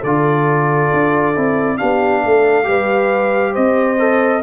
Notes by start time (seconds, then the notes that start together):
0.00 D3 F4 A4 D5
0.93 D4
1.35 C4 E4
1.77 B3 D4 G4 F5
2.23 A3 A4
2.64 G3 G4 B4
3.52 C4 C5 D#5
3.99 A4